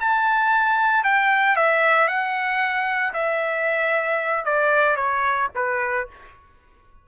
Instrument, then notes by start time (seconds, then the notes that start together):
trumpet
0.00 A5
1.04 G5
1.56 E5
2.08 F#5
3.13 E5
4.45 D5
4.96 C#5
5.55 B4